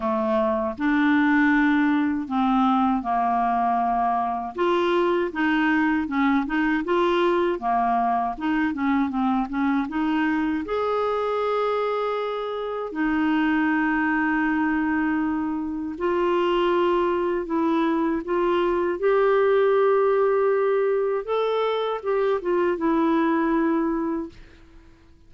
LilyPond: \new Staff \with { instrumentName = "clarinet" } { \time 4/4 \tempo 4 = 79 a4 d'2 c'4 | ais2 f'4 dis'4 | cis'8 dis'8 f'4 ais4 dis'8 cis'8 | c'8 cis'8 dis'4 gis'2~ |
gis'4 dis'2.~ | dis'4 f'2 e'4 | f'4 g'2. | a'4 g'8 f'8 e'2 | }